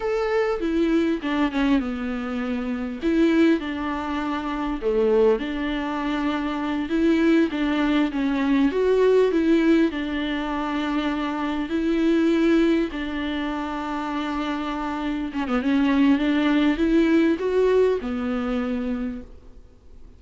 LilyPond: \new Staff \with { instrumentName = "viola" } { \time 4/4 \tempo 4 = 100 a'4 e'4 d'8 cis'8 b4~ | b4 e'4 d'2 | a4 d'2~ d'8 e'8~ | e'8 d'4 cis'4 fis'4 e'8~ |
e'8 d'2. e'8~ | e'4. d'2~ d'8~ | d'4. cis'16 b16 cis'4 d'4 | e'4 fis'4 b2 | }